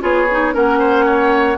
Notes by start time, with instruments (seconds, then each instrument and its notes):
0.00 bassoon B3, clarinet F4, oboe G#4, flute C#5
0.31 clarinet D#4
0.53 bassoon A#3, clarinet C#4, oboe A#4, flute F#5
0.79 oboe C5
1.05 oboe C#5